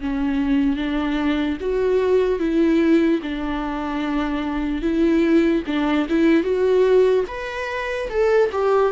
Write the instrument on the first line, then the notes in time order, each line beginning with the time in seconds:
viola
0.00 C#4
0.76 D4
1.60 F#4
2.39 E4
3.22 D4
4.81 E4
5.66 D4
6.09 E4
6.43 F#4
7.28 B4
8.09 A4
8.52 G4